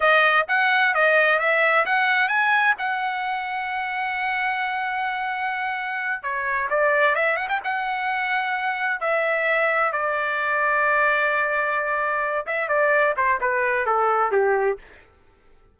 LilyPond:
\new Staff \with { instrumentName = "trumpet" } { \time 4/4 \tempo 4 = 130 dis''4 fis''4 dis''4 e''4 | fis''4 gis''4 fis''2~ | fis''1~ | fis''4. cis''4 d''4 e''8 |
fis''16 g''16 fis''2. e''8~ | e''4. d''2~ d''8~ | d''2. e''8 d''8~ | d''8 c''8 b'4 a'4 g'4 | }